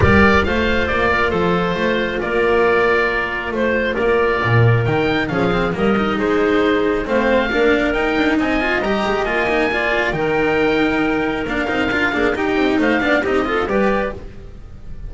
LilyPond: <<
  \new Staff \with { instrumentName = "oboe" } { \time 4/4 \tempo 4 = 136 d''4 f''4 d''4 c''4~ | c''4 d''2. | c''4 d''2 g''4 | f''4 dis''4 c''2 |
f''2 g''4 gis''4 | ais''4 gis''2 g''4~ | g''2 f''2 | g''4 f''4 dis''4 d''4 | }
  \new Staff \with { instrumentName = "clarinet" } { \time 4/4 ais'4 c''4. ais'8 a'4 | c''4 ais'2. | c''4 ais'2. | gis'4 ais'4 gis'2 |
c''4 ais'2 dis''4~ | dis''2 d''4 ais'4~ | ais'2.~ ais'8 gis'8 | g'4 c''8 d''8 g'8 a'8 b'4 | }
  \new Staff \with { instrumentName = "cello" } { \time 4/4 g'4 f'2.~ | f'1~ | f'2. dis'4 | cis'8 c'8 ais8 dis'2~ dis'8 |
c'4 d'4 dis'4. f'8 | g'4 f'8 dis'8 f'4 dis'4~ | dis'2 d'8 dis'8 f'8 d'8 | dis'4. d'8 dis'8 f'8 g'4 | }
  \new Staff \with { instrumentName = "double bass" } { \time 4/4 g4 a4 ais4 f4 | a4 ais2. | a4 ais4 ais,4 dis4 | f4 g4 gis2 |
a4 ais4 dis'8 d'8 c'4 | g8 gis8 ais2 dis4~ | dis2 ais8 c'8 d'8 ais8 | dis'8 c'8 a8 b8 c'4 g4 | }
>>